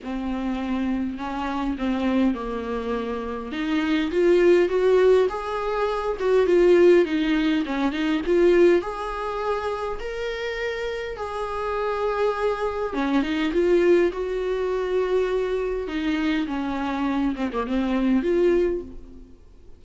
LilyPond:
\new Staff \with { instrumentName = "viola" } { \time 4/4 \tempo 4 = 102 c'2 cis'4 c'4 | ais2 dis'4 f'4 | fis'4 gis'4. fis'8 f'4 | dis'4 cis'8 dis'8 f'4 gis'4~ |
gis'4 ais'2 gis'4~ | gis'2 cis'8 dis'8 f'4 | fis'2. dis'4 | cis'4. c'16 ais16 c'4 f'4 | }